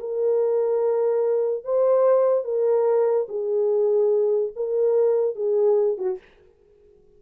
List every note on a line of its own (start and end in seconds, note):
0.00 1.65 A#4
1.65 2.45 C5
2.45 3.27 A#4
3.29 4.53 G#4
4.56 5.36 A#4
5.36 5.98 G#4
5.98 6.19 F#4